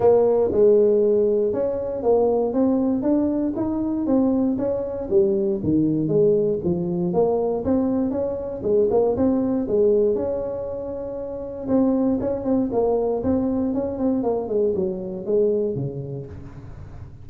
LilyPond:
\new Staff \with { instrumentName = "tuba" } { \time 4/4 \tempo 4 = 118 ais4 gis2 cis'4 | ais4 c'4 d'4 dis'4 | c'4 cis'4 g4 dis4 | gis4 f4 ais4 c'4 |
cis'4 gis8 ais8 c'4 gis4 | cis'2. c'4 | cis'8 c'8 ais4 c'4 cis'8 c'8 | ais8 gis8 fis4 gis4 cis4 | }